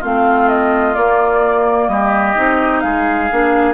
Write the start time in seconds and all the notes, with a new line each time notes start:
0.00 A3 C4 F4 F5
0.49 D#5
0.95 A#3 D5
1.89 G3 G4 D#5
2.36 C4 D#4
2.80 G#3 G#4 F5
3.32 A#3 D4